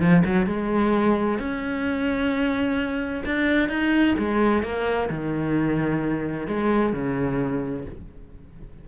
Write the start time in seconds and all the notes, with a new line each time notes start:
0.00 F3
0.25 F#3
0.46 G#3
1.38 C#4
3.25 D4
3.69 D#4
4.18 G#3
4.63 A#3
5.09 D#3
6.47 G#3
6.93 C#3